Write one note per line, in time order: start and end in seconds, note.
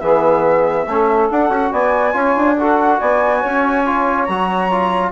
0.00 0.87 E3
0.00 0.87 B3
0.00 0.87 G#4
0.00 1.28 E5
0.87 1.29 A3
0.87 1.32 C#4
0.87 1.71 A4
1.31 1.49 D4
1.31 1.50 D4
1.31 1.73 F#5
1.49 1.71 C#4
1.49 2.13 F#4
1.71 2.14 B3
1.71 2.14 D5
1.71 2.58 G#5
2.13 2.35 C#4
2.13 2.55 F4
2.13 2.57 C#5
2.36 3.00 D4
2.58 3.86 F#4
2.58 2.99 A4
2.58 3.00 F#5
2.99 3.44 B3
2.99 3.39 D5
2.99 4.25 G#5
3.39 4.29 C#4
3.39 5.10 C#5
3.86 4.29 F4
4.25 5.12 F#3
4.25 4.71 F#4
4.25 5.10 A#5
4.71 5.12 F4